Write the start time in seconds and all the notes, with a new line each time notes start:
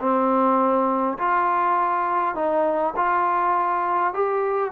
0.00 C4
1.18 F4
2.35 D#4
2.96 F4
4.14 G4